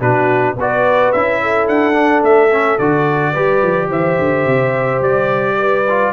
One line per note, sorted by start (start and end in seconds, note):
0.00 0.56 B2
0.00 0.56 D4
0.00 0.56 F#4
0.00 0.57 B4
0.57 1.12 B3
0.57 1.15 F#4
0.57 1.42 B4
0.57 1.12 D5
1.12 1.68 C#4
1.12 1.94 E4
1.12 1.68 E5
1.42 3.32 A4
1.68 2.23 D4
1.68 2.24 F#5
1.94 2.49 D4
2.23 2.78 A3
2.23 2.79 E5
2.52 2.80 C#4
2.79 3.35 D3
2.79 3.35 F#4
2.79 3.90 D5
3.32 3.62 G3
3.32 5.85 G4
3.32 3.88 B4
3.62 3.90 F3
3.89 4.17 E3
3.89 5.56 C5
3.89 5.03 E5
4.19 4.46 D3
4.46 5.01 C3
5.01 6.12 G3
5.01 6.13 D5
5.58 6.13 B4
5.89 6.13 F4